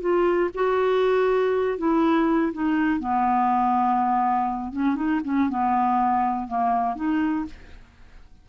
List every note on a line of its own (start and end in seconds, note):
0.00 0.50 F4
0.54 1.78 F#4
1.78 2.52 E4
2.52 2.99 D#4
2.99 4.72 B3
4.72 4.95 C#4
4.95 5.20 D#4
5.24 5.49 C#4
5.49 6.47 B3
6.47 6.95 A#3
6.95 7.45 D#4